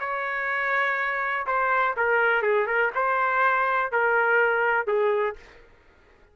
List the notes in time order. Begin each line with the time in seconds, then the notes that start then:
0.00 C#5
1.47 C5
1.97 A#4
2.43 G#4
2.67 A#4
2.95 C5
3.92 A#4
4.87 G#4